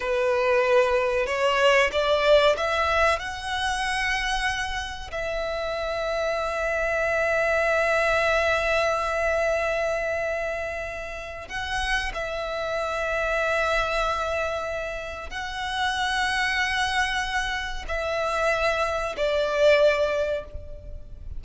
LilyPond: \new Staff \with { instrumentName = "violin" } { \time 4/4 \tempo 4 = 94 b'2 cis''4 d''4 | e''4 fis''2. | e''1~ | e''1~ |
e''2 fis''4 e''4~ | e''1 | fis''1 | e''2 d''2 | }